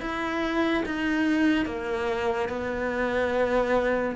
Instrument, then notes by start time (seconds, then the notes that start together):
cello
0.00 E4
0.86 D#4
1.65 A#3
2.48 B3